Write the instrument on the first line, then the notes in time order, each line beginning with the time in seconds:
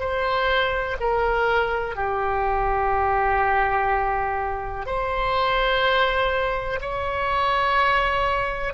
oboe
0.00 C5
1.00 A#4
1.96 G4
4.87 C5
6.81 C#5